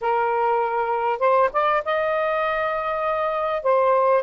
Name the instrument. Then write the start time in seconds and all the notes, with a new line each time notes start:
saxophone
0.01 A#4
1.19 C5
1.52 D5
1.85 D#5
3.62 C5